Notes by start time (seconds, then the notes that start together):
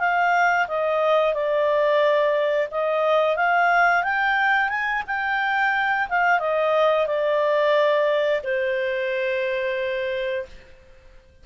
0.00 F5
0.68 D#5
1.34 D5
2.72 D#5
3.37 F5
4.04 G5
4.69 G#5
5.08 G5
6.10 F5
6.40 D#5
7.07 D5
8.44 C5